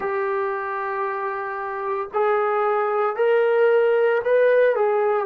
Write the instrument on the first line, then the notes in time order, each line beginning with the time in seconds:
trombone
0.00 G4
2.13 G#4
3.16 A#4
4.24 B4
4.75 G#4